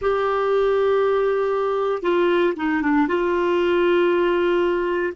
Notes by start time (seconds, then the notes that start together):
0.01 G4
2.02 F4
2.56 D#4
2.82 D4
3.08 F4